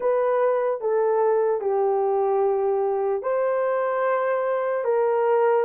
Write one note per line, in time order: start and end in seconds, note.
0.00 0.80 B4
0.81 1.60 A4
1.60 3.22 G4
3.22 4.84 C5
4.84 5.65 A#4